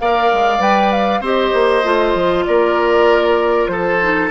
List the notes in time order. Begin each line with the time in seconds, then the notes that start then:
0.00 A#3 A#4 D5 F5
0.34 G#3
0.59 G3 B4 G5
0.92 F5
1.20 C4 G4 C5 D#5
1.54 A#3
1.84 A3 F4
2.15 F3
2.46 A#3 A#4 D5
3.68 F3 A4 C5
4.01 D#4